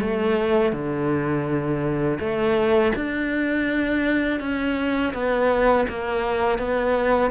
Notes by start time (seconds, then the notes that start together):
0.00 A3
0.72 D3
2.19 A3
2.96 D4
4.40 C#4
5.13 B3
5.88 A#3
6.58 B3